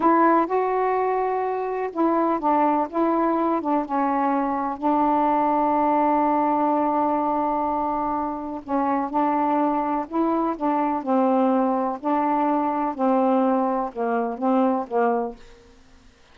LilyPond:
\new Staff \with { instrumentName = "saxophone" } { \time 4/4 \tempo 4 = 125 e'4 fis'2. | e'4 d'4 e'4. d'8 | cis'2 d'2~ | d'1~ |
d'2 cis'4 d'4~ | d'4 e'4 d'4 c'4~ | c'4 d'2 c'4~ | c'4 ais4 c'4 ais4 | }